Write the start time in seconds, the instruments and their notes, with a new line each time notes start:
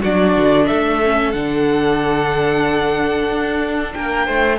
0.00 cello F#3, viola D4, violin F#4 D5
0.36 cello D3
0.66 cello A3, violin A4 E5
1.03 viola C#4
1.32 cello D3, viola D4, violin F#5
3.29 cello D4
3.93 cello A#3, violin A#4 G5
4.26 cello A3, violin C5